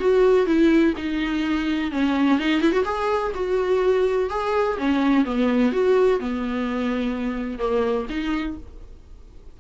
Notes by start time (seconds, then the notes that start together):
0.00 F#4
0.46 E4
0.97 D#4
1.92 C#4
2.39 D#4
2.61 E4
2.72 F#4
2.85 G#4
3.35 F#4
4.30 G#4
4.78 C#4
5.25 B3
5.73 F#4
6.20 B3
7.59 A#3
8.10 D#4